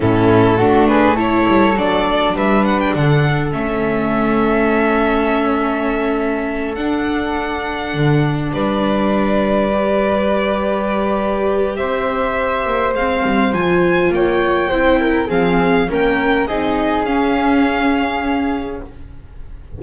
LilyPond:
<<
  \new Staff \with { instrumentName = "violin" } { \time 4/4 \tempo 4 = 102 a'4. b'8 cis''4 d''4 | e''8 fis''16 g''16 fis''4 e''2~ | e''2.~ e''8 fis''8~ | fis''2~ fis''8 d''4.~ |
d''1 | e''2 f''4 gis''4 | g''2 f''4 g''4 | dis''4 f''2. | }
  \new Staff \with { instrumentName = "flute" } { \time 4/4 e'4 fis'8 gis'8 a'2 | b'4 a'2.~ | a'1~ | a'2~ a'8 b'4.~ |
b'1 | c''1 | cis''4 c''8 ais'8 gis'4 ais'4 | gis'1 | }
  \new Staff \with { instrumentName = "viola" } { \time 4/4 cis'4 d'4 e'4 d'4~ | d'2 cis'2~ | cis'2.~ cis'8 d'8~ | d'1~ |
d'8 g'2.~ g'8~ | g'2 c'4 f'4~ | f'4 e'4 c'4 cis'4 | dis'4 cis'2. | }
  \new Staff \with { instrumentName = "double bass" } { \time 4/4 a,4 a4. g8 fis4 | g4 d4 a2~ | a2.~ a8 d'8~ | d'4. d4 g4.~ |
g1 | c'4. ais8 gis8 g8 f4 | ais4 c'4 f4 ais4 | c'4 cis'2. | }
>>